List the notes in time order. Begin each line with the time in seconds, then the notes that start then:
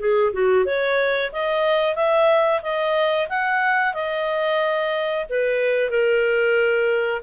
0.00 G#4
0.33 F#4
0.66 C#5
1.33 D#5
1.96 E5
2.63 D#5
3.29 F#5
3.94 D#5
5.30 B4
5.90 A#4